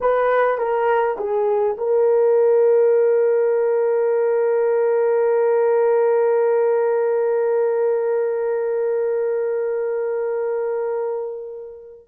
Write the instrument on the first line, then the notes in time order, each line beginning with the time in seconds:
horn
0.01 B4
0.58 A#4
1.18 G#4
1.77 A#4